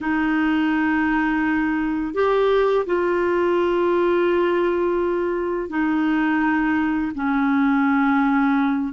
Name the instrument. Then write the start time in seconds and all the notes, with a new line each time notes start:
clarinet
0.00 D#4
2.14 G4
2.85 F4
5.69 D#4
7.14 C#4